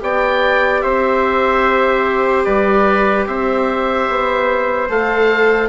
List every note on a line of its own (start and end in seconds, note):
0.00 0.84 B3
0.00 4.86 G4
0.00 0.84 D5
0.00 0.82 G5
0.82 2.46 C4
0.82 2.46 C5
0.82 2.44 E5
2.45 3.28 G3
2.45 3.27 B4
2.45 3.26 D5
3.27 4.09 C4
3.27 5.69 C5
3.27 4.89 E5
4.10 4.90 B3
4.89 5.69 A3
4.89 5.69 A4
4.89 5.69 F5